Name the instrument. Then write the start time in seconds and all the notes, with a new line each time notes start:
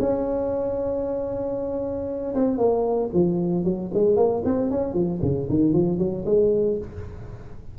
tuba
0.00 C#4
2.35 C4
2.58 A#3
3.13 F3
3.65 F#3
3.94 G#3
4.16 A#3
4.45 C4
4.71 C#4
4.94 F3
5.22 C#3
5.50 D#3
5.73 F3
5.99 F#3
6.26 G#3